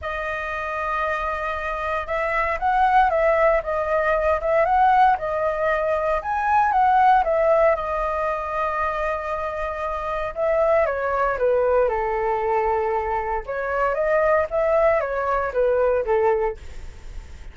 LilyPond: \new Staff \with { instrumentName = "flute" } { \time 4/4 \tempo 4 = 116 dis''1 | e''4 fis''4 e''4 dis''4~ | dis''8 e''8 fis''4 dis''2 | gis''4 fis''4 e''4 dis''4~ |
dis''1 | e''4 cis''4 b'4 a'4~ | a'2 cis''4 dis''4 | e''4 cis''4 b'4 a'4 | }